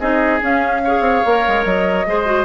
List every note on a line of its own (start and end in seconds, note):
0.00 0.41 C4
0.00 0.41 D#4
0.00 0.82 G#4
0.00 0.41 D#5
0.41 0.82 C#4
0.41 1.01 C#4
0.41 1.65 F5
0.85 1.27 G#4
0.85 2.07 C#5
1.01 1.21 C4
1.26 1.46 A#3
1.26 2.06 A#4
1.48 1.65 G#3
1.65 2.06 F#3
1.65 2.45 D#5
2.06 2.45 G#3
2.06 2.26 G#4
2.06 2.45 C5
2.26 2.45 F#4